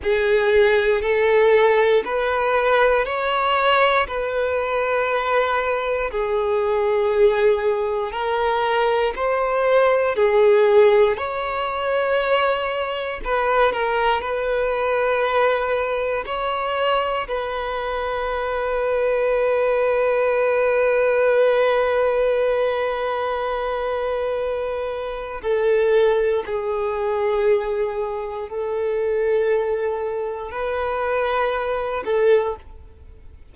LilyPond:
\new Staff \with { instrumentName = "violin" } { \time 4/4 \tempo 4 = 59 gis'4 a'4 b'4 cis''4 | b'2 gis'2 | ais'4 c''4 gis'4 cis''4~ | cis''4 b'8 ais'8 b'2 |
cis''4 b'2.~ | b'1~ | b'4 a'4 gis'2 | a'2 b'4. a'8 | }